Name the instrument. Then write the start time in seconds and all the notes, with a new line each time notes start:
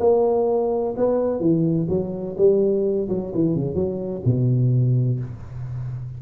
tuba
0.00 A#3
0.97 B3
1.40 E3
1.89 F#3
2.38 G3
3.09 F#3
3.35 E3
3.55 C#3
3.75 F#3
4.25 B2